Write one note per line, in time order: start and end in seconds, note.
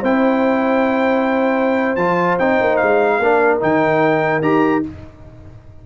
0.00 1.96 C4
0.00 1.97 E4
0.00 3.16 C5
0.00 1.95 G5
1.95 2.37 F3
1.95 2.39 F4
1.95 2.36 A5
2.38 2.60 C4
2.38 3.21 D#4
2.38 2.76 G5
2.60 2.80 A#3
2.76 3.57 F5
2.82 3.19 G#3
3.19 3.59 A#3
3.19 3.60 D4
3.19 4.85 A#4
3.60 4.41 D#3
3.60 4.41 D#4
3.60 4.41 G5
4.41 4.82 D#4
4.41 4.82 G4
4.41 4.82 A#5